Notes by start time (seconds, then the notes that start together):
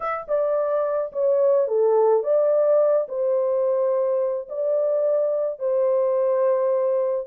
0.00 E5
0.28 D5
1.12 C#5
1.67 A4
2.23 D5
3.08 C5
4.48 D5
5.59 C5